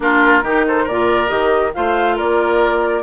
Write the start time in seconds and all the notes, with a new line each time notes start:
0.00 A#3 D4 F4 A#4
0.42 D#3 D#4 G4
0.67 A4 C5
0.83 A#2 A#4 D5
0.90 F4
1.27 D#3 G4 D#5
1.74 A3 F4 C5 F5
2.16 A#3 A#4 D5